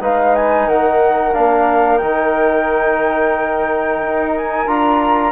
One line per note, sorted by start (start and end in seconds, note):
0.00 0.67 G#3
0.00 1.33 D#4
0.00 0.67 B4
0.00 0.35 F5
0.35 0.68 G#5
0.67 1.34 D#3
0.67 5.32 A#4
0.67 1.34 F#5
1.33 2.02 A#3
1.33 2.00 D4
1.33 1.98 F5
1.98 4.01 D#3
1.98 4.67 D#4
1.98 4.31 G5
4.01 4.67 D#4
4.37 4.68 G#5
4.67 5.32 D4
4.67 5.32 F4
4.67 5.32 A#5